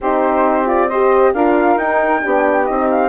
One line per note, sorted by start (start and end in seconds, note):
0.00 1.34 C4
0.00 0.65 D#4
0.00 0.87 G4
0.00 0.67 C5
0.65 0.87 F4
0.65 0.88 D5
0.87 1.35 G4
0.87 1.31 C5
0.87 1.33 D#5
1.33 1.76 D4
1.33 1.79 F4
1.33 2.21 A#4
1.33 1.78 F5
1.76 2.20 D#4
1.76 2.21 D#4
1.76 2.65 G5
2.21 2.69 B3
2.21 2.65 D4
2.21 3.09 G4
2.65 3.09 C4
2.65 3.09 D#4
2.65 2.87 D#5
2.90 3.09 F5